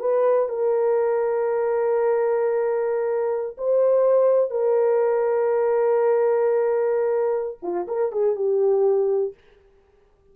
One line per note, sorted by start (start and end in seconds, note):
0.00 0.49 B4
0.49 3.57 A#4
3.58 4.51 C5
4.51 7.58 A#4
7.63 7.87 F4
7.88 8.12 A#4
8.12 8.36 G#4
8.36 9.34 G4